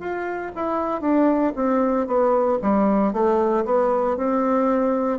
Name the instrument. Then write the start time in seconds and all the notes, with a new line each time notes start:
bassoon
0.00 F4
0.55 E4
1.01 D4
1.56 C4
2.07 B3
2.62 G3
3.13 A3
3.65 B3
4.17 C4